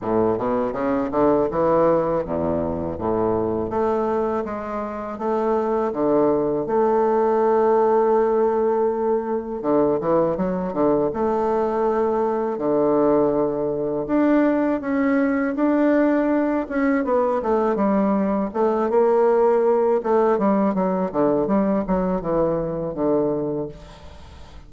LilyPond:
\new Staff \with { instrumentName = "bassoon" } { \time 4/4 \tempo 4 = 81 a,8 b,8 cis8 d8 e4 e,4 | a,4 a4 gis4 a4 | d4 a2.~ | a4 d8 e8 fis8 d8 a4~ |
a4 d2 d'4 | cis'4 d'4. cis'8 b8 a8 | g4 a8 ais4. a8 g8 | fis8 d8 g8 fis8 e4 d4 | }